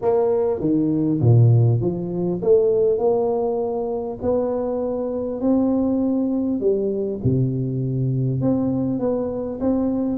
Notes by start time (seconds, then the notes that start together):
0.01 A#3
0.59 D#3
1.20 A#2
1.80 F3
2.42 A3
2.98 A#3
4.21 B3
5.41 C4
6.60 G3
7.23 C3
8.41 C4
8.99 B3
9.60 C4